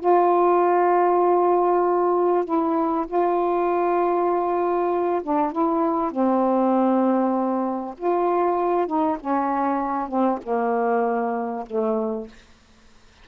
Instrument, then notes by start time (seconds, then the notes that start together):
saxophone
0.00 F4
2.45 E4
3.08 F4
5.23 D4
5.52 E4
6.12 C4
7.98 F4
8.87 D#4
9.20 C#4
10.09 C4
10.43 A#3
11.67 A3